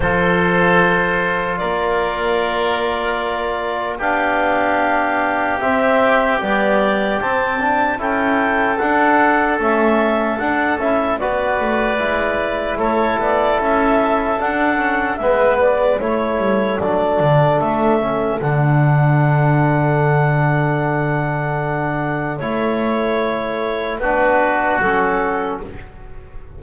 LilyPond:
<<
  \new Staff \with { instrumentName = "clarinet" } { \time 4/4 \tempo 4 = 75 c''2 d''2~ | d''4 f''2 e''4 | d''4 a''4 g''4 fis''4 | e''4 fis''8 e''8 d''2 |
cis''8 d''8 e''4 fis''4 e''8 d''8 | cis''4 d''4 e''4 fis''4~ | fis''1 | cis''2 b'4 a'4 | }
  \new Staff \with { instrumentName = "oboe" } { \time 4/4 a'2 ais'2~ | ais'4 g'2.~ | g'2 a'2~ | a'2 b'2 |
a'2. b'4 | a'1~ | a'1~ | a'2 fis'2 | }
  \new Staff \with { instrumentName = "trombone" } { \time 4/4 f'1~ | f'4 d'2 c'4 | g4 c'8 d'8 e'4 d'4 | cis'4 d'8 e'8 fis'4 e'4~ |
e'2 d'8 cis'8 b4 | e'4 d'4. cis'8 d'4~ | d'1 | e'2 d'4 cis'4 | }
  \new Staff \with { instrumentName = "double bass" } { \time 4/4 f2 ais2~ | ais4 b2 c'4 | b4 c'4 cis'4 d'4 | a4 d'8 cis'8 b8 a8 gis4 |
a8 b8 cis'4 d'4 gis4 | a8 g8 fis8 d8 a4 d4~ | d1 | a2 b4 fis4 | }
>>